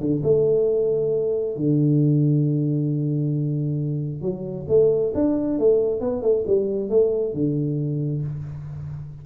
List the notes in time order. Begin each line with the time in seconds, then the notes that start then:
0.00 D3
0.23 A3
1.56 D3
4.21 F#3
4.68 A3
5.15 D4
5.59 A3
6.01 B3
6.22 A3
6.47 G3
6.90 A3
7.34 D3